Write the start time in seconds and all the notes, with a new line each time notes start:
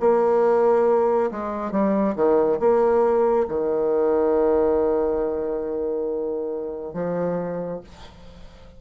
0.00 A#3
1.31 G#3
1.72 G3
2.15 D#3
2.60 A#3
3.49 D#3
6.94 F3